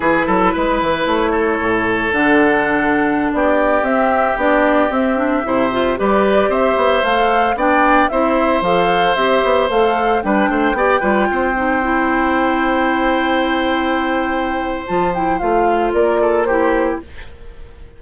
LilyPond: <<
  \new Staff \with { instrumentName = "flute" } { \time 4/4 \tempo 4 = 113 b'2 cis''2 | fis''2~ fis''16 d''4 e''8.~ | e''16 d''4 e''2 d''8.~ | d''16 e''4 f''4 g''4 e''8.~ |
e''16 f''4 e''4 f''4 g''8.~ | g''1~ | g''1 | a''8 g''8 f''4 d''4 c''4 | }
  \new Staff \with { instrumentName = "oboe" } { \time 4/4 gis'8 a'8 b'4. a'4.~ | a'2~ a'16 g'4.~ g'16~ | g'2~ g'16 c''4 b'8.~ | b'16 c''2 d''4 c''8.~ |
c''2.~ c''16 b'8 c''16~ | c''16 d''8 b'8 c''2~ c''8.~ | c''1~ | c''2 ais'8 a'8 g'4 | }
  \new Staff \with { instrumentName = "clarinet" } { \time 4/4 e'1 | d'2.~ d'16 c'8.~ | c'16 d'4 c'8 d'8 e'8 f'8 g'8.~ | g'4~ g'16 a'4 d'4 e'8.~ |
e'16 a'4 g'4 a'4 d'8.~ | d'16 g'8 f'4 dis'8 e'4.~ e'16~ | e'1 | f'8 e'8 f'2 e'4 | }
  \new Staff \with { instrumentName = "bassoon" } { \time 4/4 e8 fis8 gis8 e8 a4 a,4 | d2~ d16 b4 c'8.~ | c'16 b4 c'4 c4 g8.~ | g16 c'8 b8 a4 b4 c'8.~ |
c'16 f4 c'8 b8 a4 g8 a16~ | a16 b8 g8 c'2~ c'8.~ | c'1 | f4 a4 ais2 | }
>>